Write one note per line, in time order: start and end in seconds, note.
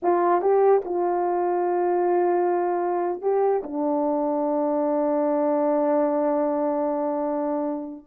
0.02 0.41 F4
0.41 0.81 G4
0.84 3.21 F4
3.21 3.61 G4
3.63 8.06 D4